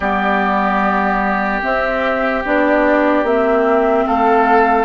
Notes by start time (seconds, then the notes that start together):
0.00 G3 B3 G4 D5
1.62 C4 E5
2.45 B3 D4 D5
3.23 A#3 C4 E5
4.06 A3 A4 F5